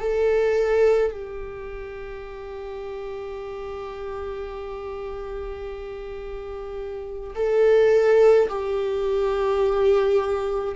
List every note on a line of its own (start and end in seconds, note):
0.00 1.12 A4
1.12 7.34 G4
7.35 8.49 A4
8.49 10.75 G4